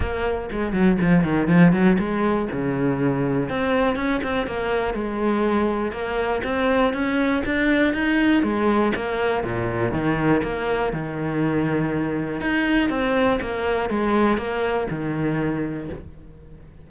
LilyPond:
\new Staff \with { instrumentName = "cello" } { \time 4/4 \tempo 4 = 121 ais4 gis8 fis8 f8 dis8 f8 fis8 | gis4 cis2 c'4 | cis'8 c'8 ais4 gis2 | ais4 c'4 cis'4 d'4 |
dis'4 gis4 ais4 ais,4 | dis4 ais4 dis2~ | dis4 dis'4 c'4 ais4 | gis4 ais4 dis2 | }